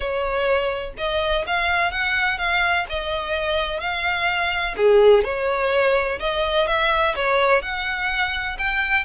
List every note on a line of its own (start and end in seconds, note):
0.00 0.93 C#5
0.97 1.45 D#5
1.47 1.91 F5
1.91 2.37 F#5
2.37 2.85 F5
2.89 3.80 D#5
3.80 4.75 F5
4.77 5.24 G#4
5.24 6.19 C#5
6.19 6.67 D#5
6.67 7.14 E5
7.15 7.61 C#5
7.61 8.57 F#5
8.58 9.04 G5